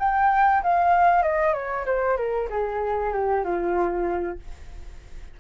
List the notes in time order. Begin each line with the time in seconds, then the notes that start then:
0.00 G5
0.64 F5
1.23 D#5
1.54 C#5
1.86 C5
2.18 A#4
2.50 G#4
3.13 G4
3.45 F4